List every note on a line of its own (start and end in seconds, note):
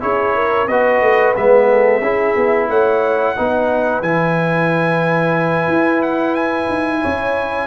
0.00 0.67 C#4
0.00 0.67 E4
0.00 0.34 G#4
0.00 0.67 C#5
0.34 0.67 A#4
0.67 1.01 B3
0.67 1.35 F#4
0.67 1.67 B4
0.67 1.34 D#5
1.01 1.34 A3
1.35 2.01 G#3
1.35 2.02 B3
1.35 2.69 E5
1.70 2.01 A4
2.01 2.34 C#4
2.01 3.36 E4
2.01 2.67 G#4
2.36 2.69 B3
2.69 3.35 A3
2.69 3.36 C#5
2.69 4.02 F#5
3.36 4.01 B3
3.36 4.03 D#4
3.36 7.01 B4
4.01 5.67 E3
4.01 7.67 E4
4.01 6.02 G#5
5.67 6.67 E4
6.02 6.34 F#5
6.34 7.67 G#5
6.68 7.02 D#4
7.01 7.67 C#4
7.01 7.67 C#5